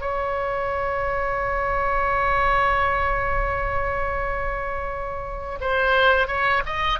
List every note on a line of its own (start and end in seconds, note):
0.00 5.58 C#5
5.60 6.27 C5
6.27 6.62 C#5
6.65 6.99 D#5